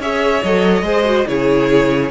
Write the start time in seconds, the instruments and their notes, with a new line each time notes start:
0.00 cello C#4, viola G#4, violin C#5 E5
0.44 cello F#3, viola A4, violin D#5
0.82 cello G#3, viola G#4, violin C5
1.05 viola F#4
1.27 cello C#3, viola E4, violin G#4 C#5